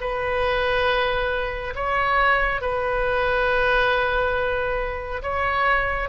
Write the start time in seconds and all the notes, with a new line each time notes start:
0.00 B4
1.75 C#5
2.61 B4
5.22 C#5